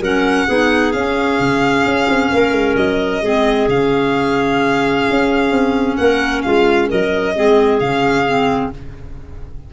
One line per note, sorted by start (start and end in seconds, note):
0.00 0.46 F#3
0.00 0.48 C#4
0.00 0.46 A#4
0.00 0.92 F#5
0.47 0.94 B3
0.47 0.94 D#4
0.47 2.30 G#4
0.92 1.39 C#4
0.92 3.24 C#4
0.92 2.76 F5
1.39 1.85 C#3
1.85 2.08 C#4
2.09 2.32 C4
2.32 2.52 A#3
2.32 3.23 A#4
2.52 2.75 G#3
2.77 3.22 F#3
2.77 3.68 D#5
3.22 3.68 G#3
3.22 3.70 C4
3.22 5.97 G#4
3.68 5.05 C#3
3.68 7.36 C#4
3.68 5.96 F5
5.10 5.51 C#4
5.51 5.97 C4
5.96 6.44 A#3
5.96 6.44 A#4
5.96 6.42 F#5
6.42 6.92 G#3
6.42 6.88 F4
6.42 6.88 F5
6.88 7.37 F#3
6.88 7.34 A#4
6.88 7.80 D#5
7.36 7.80 G#3
7.36 7.81 C4
7.36 8.73 G#4
7.80 8.72 C#3
7.80 8.26 C#4
7.80 8.71 F5
8.26 8.72 C4